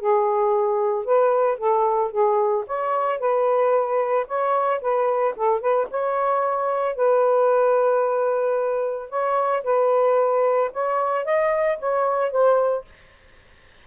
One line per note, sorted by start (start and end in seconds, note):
0.00 1.05 G#4
1.05 1.58 B4
1.58 2.11 A4
2.11 2.65 G#4
2.67 3.19 C#5
3.19 4.26 B4
4.27 4.81 C#5
4.81 5.35 B4
5.36 5.61 A4
5.61 5.87 B4
5.90 6.95 C#5
6.95 9.10 B4
9.10 9.63 C#5
9.64 10.71 B4
10.73 11.25 C#5
11.25 11.79 D#5
11.79 12.31 C#5
12.31 12.85 C5